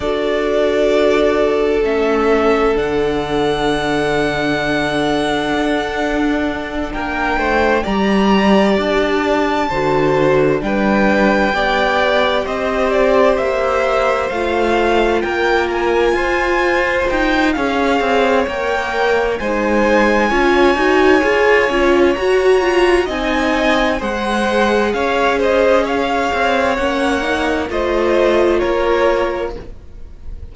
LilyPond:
<<
  \new Staff \with { instrumentName = "violin" } { \time 4/4 \tempo 4 = 65 d''2 e''4 fis''4~ | fis''2.~ fis''8 g''8~ | g''8 ais''4 a''2 g''8~ | g''4. dis''8 d''8 e''4 f''8~ |
f''8 g''8 gis''4. g''8 f''4 | g''4 gis''2. | ais''4 gis''4 fis''4 f''8 dis''8 | f''4 fis''4 dis''4 cis''4 | }
  \new Staff \with { instrumentName = "violin" } { \time 4/4 a'1~ | a'2.~ a'8 ais'8 | c''8 d''2 c''4 b'8~ | b'8 d''4 c''2~ c''8~ |
c''8 ais'4 c''4. cis''4~ | cis''4 c''4 cis''2~ | cis''4 dis''4 c''4 cis''8 c''8 | cis''2 c''4 ais'4 | }
  \new Staff \with { instrumentName = "viola" } { \time 4/4 fis'2 cis'4 d'4~ | d'1~ | d'8 g'2 fis'4 d'8~ | d'8 g'2. f'8~ |
f'2. gis'4 | ais'4 dis'4 f'8 fis'8 gis'8 f'8 | fis'8 f'8 dis'4 gis'2~ | gis'4 cis'8 dis'8 f'2 | }
  \new Staff \with { instrumentName = "cello" } { \time 4/4 d'2 a4 d4~ | d2 d'4. ais8 | a8 g4 d'4 d4 g8~ | g8 b4 c'4 ais4 a8~ |
a8 ais4 f'4 dis'8 cis'8 c'8 | ais4 gis4 cis'8 dis'8 f'8 cis'8 | fis'4 c'4 gis4 cis'4~ | cis'8 c'8 ais4 a4 ais4 | }
>>